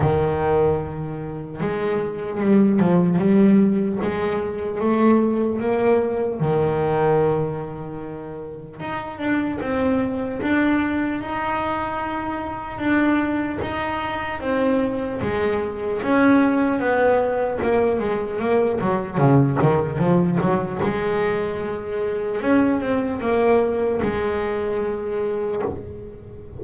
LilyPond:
\new Staff \with { instrumentName = "double bass" } { \time 4/4 \tempo 4 = 75 dis2 gis4 g8 f8 | g4 gis4 a4 ais4 | dis2. dis'8 d'8 | c'4 d'4 dis'2 |
d'4 dis'4 c'4 gis4 | cis'4 b4 ais8 gis8 ais8 fis8 | cis8 dis8 f8 fis8 gis2 | cis'8 c'8 ais4 gis2 | }